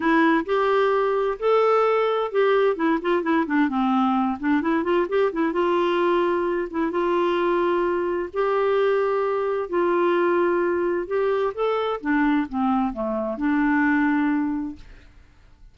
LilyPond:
\new Staff \with { instrumentName = "clarinet" } { \time 4/4 \tempo 4 = 130 e'4 g'2 a'4~ | a'4 g'4 e'8 f'8 e'8 d'8 | c'4. d'8 e'8 f'8 g'8 e'8 | f'2~ f'8 e'8 f'4~ |
f'2 g'2~ | g'4 f'2. | g'4 a'4 d'4 c'4 | a4 d'2. | }